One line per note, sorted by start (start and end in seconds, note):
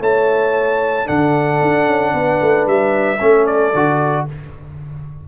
0.00 1.07 A3
0.00 1.05 E4
0.00 1.06 C#5
0.00 1.08 A5
1.05 1.62 D3
1.05 3.18 D4
1.05 2.12 A4
1.05 2.67 F#5
1.62 1.87 D4
1.87 2.13 C#4
2.14 2.40 B3
2.14 3.20 B4
2.41 2.66 A3
2.66 3.19 G3
2.66 3.46 E5
3.20 3.74 A3
3.20 3.73 C#4
3.20 4.27 A4
3.46 4.26 D5
3.74 4.27 D3
3.74 4.28 F#4